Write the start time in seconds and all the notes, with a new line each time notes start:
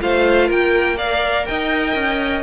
0.00 A3 F4 C5 F5
0.47 A#3 A#4 G5
0.97 A#4 D5 F5
1.46 D#4 D#5 G5
1.95 C#4